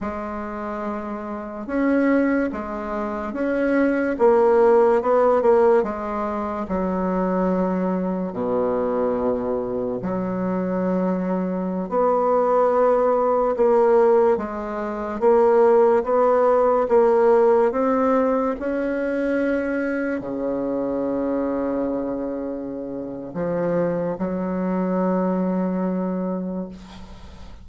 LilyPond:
\new Staff \with { instrumentName = "bassoon" } { \time 4/4 \tempo 4 = 72 gis2 cis'4 gis4 | cis'4 ais4 b8 ais8 gis4 | fis2 b,2 | fis2~ fis16 b4.~ b16~ |
b16 ais4 gis4 ais4 b8.~ | b16 ais4 c'4 cis'4.~ cis'16~ | cis'16 cis2.~ cis8. | f4 fis2. | }